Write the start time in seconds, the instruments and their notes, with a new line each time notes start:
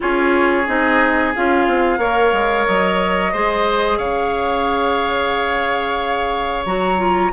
0.00 bassoon C#4, clarinet F4, oboe G#4, flute C#5
0.66 bassoon C4, clarinet D#4, flute D#5
1.35 bassoon C#4, clarinet F4, flute F5
1.67 bassoon C4
1.98 bassoon A#3, clarinet A#4, oboe C#5
2.32 bassoon G#3
2.66 bassoon F#3, flute D#5
3.32 bassoon G#3, clarinet G#4, oboe C5
3.97 bassoon C#3, oboe C#5, flute F5
6.65 bassoon F#3, clarinet F#4, flute A#5
6.98 clarinet F4